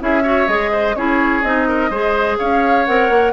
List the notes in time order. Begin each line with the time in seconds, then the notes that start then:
0.00 C#4 E4 G#4 E5
0.24 F#4 C#5
0.48 G#3 G#4 D#5
0.72 C5
0.96 C#4 E4 G#4 C#5
1.43 C4 D#4 D#5
1.69 A#4
1.90 G#3 G#4 C5
2.38 C#4 C#5 F5
2.86 C4 A#4 F#5
3.10 A#3